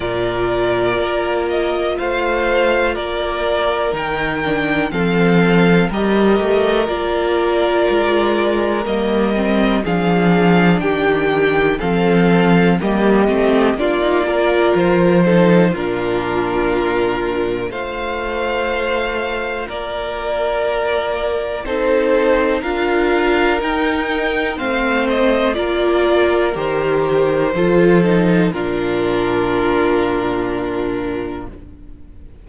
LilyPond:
<<
  \new Staff \with { instrumentName = "violin" } { \time 4/4 \tempo 4 = 61 d''4. dis''8 f''4 d''4 | g''4 f''4 dis''4 d''4~ | d''4 dis''4 f''4 g''4 | f''4 dis''4 d''4 c''4 |
ais'2 f''2 | d''2 c''4 f''4 | g''4 f''8 dis''8 d''4 c''4~ | c''4 ais'2. | }
  \new Staff \with { instrumentName = "violin" } { \time 4/4 ais'2 c''4 ais'4~ | ais'4 a'4 ais'2~ | ais'2 gis'4 g'4 | a'4 g'4 f'8 ais'4 a'8 |
f'2 c''2 | ais'2 a'4 ais'4~ | ais'4 c''4 ais'2 | a'4 f'2. | }
  \new Staff \with { instrumentName = "viola" } { \time 4/4 f'1 | dis'8 d'8 c'4 g'4 f'4~ | f'4 ais8 c'8 d'2 | c'4 ais8 c'8 d'16 dis'16 f'4 dis'8 |
d'2 f'2~ | f'2 dis'4 f'4 | dis'4 c'4 f'4 g'4 | f'8 dis'8 d'2. | }
  \new Staff \with { instrumentName = "cello" } { \time 4/4 ais,4 ais4 a4 ais4 | dis4 f4 g8 a8 ais4 | gis4 g4 f4 dis4 | f4 g8 a8 ais4 f4 |
ais,2 a2 | ais2 c'4 d'4 | dis'4 a4 ais4 dis4 | f4 ais,2. | }
>>